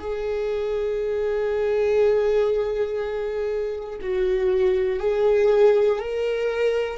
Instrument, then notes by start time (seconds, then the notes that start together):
viola
0.00 G#4
4.01 F#4
5.00 G#4
6.00 A#4